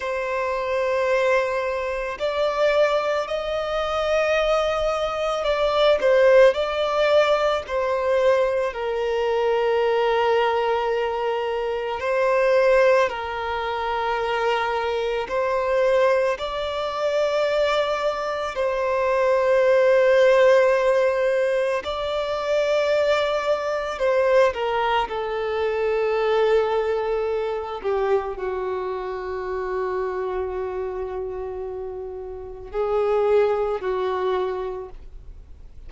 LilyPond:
\new Staff \with { instrumentName = "violin" } { \time 4/4 \tempo 4 = 55 c''2 d''4 dis''4~ | dis''4 d''8 c''8 d''4 c''4 | ais'2. c''4 | ais'2 c''4 d''4~ |
d''4 c''2. | d''2 c''8 ais'8 a'4~ | a'4. g'8 fis'2~ | fis'2 gis'4 fis'4 | }